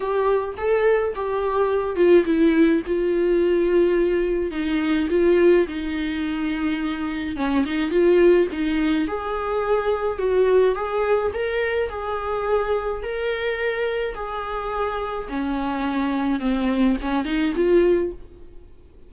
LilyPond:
\new Staff \with { instrumentName = "viola" } { \time 4/4 \tempo 4 = 106 g'4 a'4 g'4. f'8 | e'4 f'2. | dis'4 f'4 dis'2~ | dis'4 cis'8 dis'8 f'4 dis'4 |
gis'2 fis'4 gis'4 | ais'4 gis'2 ais'4~ | ais'4 gis'2 cis'4~ | cis'4 c'4 cis'8 dis'8 f'4 | }